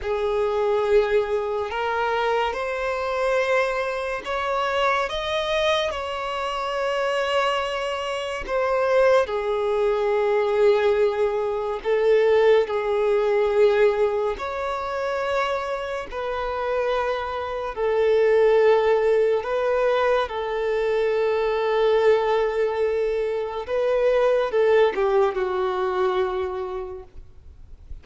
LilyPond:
\new Staff \with { instrumentName = "violin" } { \time 4/4 \tempo 4 = 71 gis'2 ais'4 c''4~ | c''4 cis''4 dis''4 cis''4~ | cis''2 c''4 gis'4~ | gis'2 a'4 gis'4~ |
gis'4 cis''2 b'4~ | b'4 a'2 b'4 | a'1 | b'4 a'8 g'8 fis'2 | }